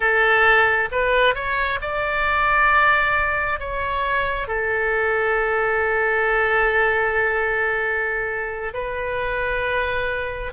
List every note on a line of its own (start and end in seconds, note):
0.00 0.89 A4
0.91 1.34 B4
1.34 1.79 C#5
1.81 3.59 D5
3.59 4.47 C#5
4.47 8.73 A4
8.73 10.52 B4